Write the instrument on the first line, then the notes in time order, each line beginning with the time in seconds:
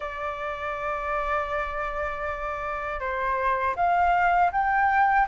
flute
0.00 D5
3.00 C5
3.76 F5
4.52 G5